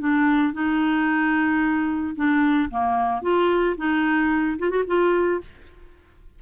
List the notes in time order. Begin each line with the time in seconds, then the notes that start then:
0.00 D4
0.54 D#4
2.16 D4
2.71 A#3
3.22 F4
3.78 D#4
4.59 F4
4.70 F#4
4.87 F4